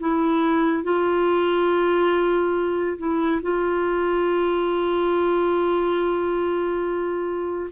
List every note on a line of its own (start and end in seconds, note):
0.00 0.83 E4
0.83 2.98 F4
2.98 3.41 E4
3.42 7.71 F4